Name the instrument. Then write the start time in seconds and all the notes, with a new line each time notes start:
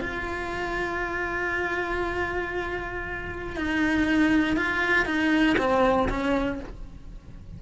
cello
0.00 F4
3.56 D#4
4.56 F4
5.05 D#4
5.57 C4
6.09 C#4